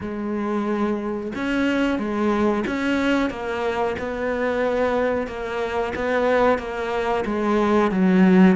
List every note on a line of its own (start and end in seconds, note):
0.00 1.32 G#3
1.35 1.98 C#4
1.98 2.64 G#3
2.66 3.30 C#4
3.30 3.96 A#3
3.99 5.27 B3
5.27 5.93 A#3
5.95 6.58 B3
6.58 7.24 A#3
7.25 7.91 G#3
7.91 8.56 F#3